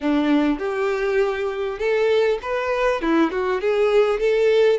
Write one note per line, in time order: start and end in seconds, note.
0.00 0.58 D4
0.58 1.78 G4
1.78 2.38 A4
2.42 3.01 B4
3.01 3.31 E4
3.31 3.60 F#4
3.60 4.19 G#4
4.19 4.79 A4